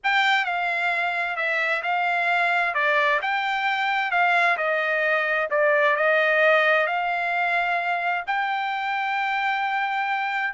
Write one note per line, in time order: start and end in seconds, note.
0.03 0.44 G5
0.44 1.36 F5
1.36 1.82 E5
1.82 2.74 F5
2.74 3.20 D5
3.21 4.11 G5
4.11 4.57 F5
4.57 5.48 D#5
5.50 5.96 D5
5.96 6.86 D#5
6.86 8.24 F5
8.26 10.53 G5